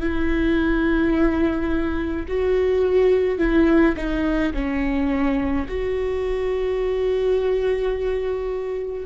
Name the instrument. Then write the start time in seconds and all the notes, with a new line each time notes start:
viola
0.00 E4
2.28 F#4
3.39 E4
3.96 D#4
4.54 C#4
5.69 F#4